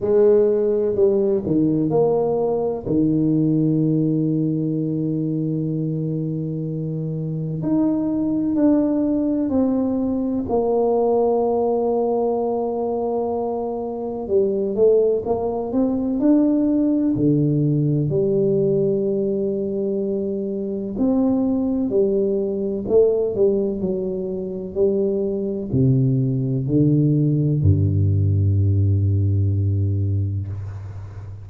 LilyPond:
\new Staff \with { instrumentName = "tuba" } { \time 4/4 \tempo 4 = 63 gis4 g8 dis8 ais4 dis4~ | dis1 | dis'4 d'4 c'4 ais4~ | ais2. g8 a8 |
ais8 c'8 d'4 d4 g4~ | g2 c'4 g4 | a8 g8 fis4 g4 c4 | d4 g,2. | }